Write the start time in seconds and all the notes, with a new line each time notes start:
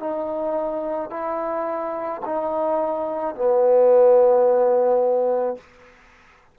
0.00 D#4
1.10 E4
2.25 D#4
3.35 B3